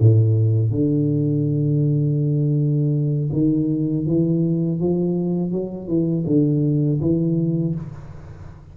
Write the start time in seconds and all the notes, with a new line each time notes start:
0.00 A2
0.71 D3
3.32 D#3
4.06 E3
4.80 F3
5.52 F#3
5.88 E3
6.26 D3
7.01 E3